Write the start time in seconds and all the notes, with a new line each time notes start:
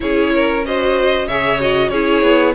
0.00 C#4 E4 G#4 C#5
0.34 A#4
0.65 F#4 C5 D#5
1.26 C#3 G#4 C#5 E5
1.60 F#4 D#5
1.89 C#4 E4 G#4 C#5
2.22 B3